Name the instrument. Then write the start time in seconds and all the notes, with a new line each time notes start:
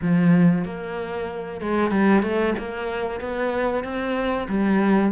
cello
0.01 F3
0.64 A#3
1.60 G#3
1.90 G3
2.22 A3
2.58 A#3
3.20 B3
3.84 C4
4.48 G3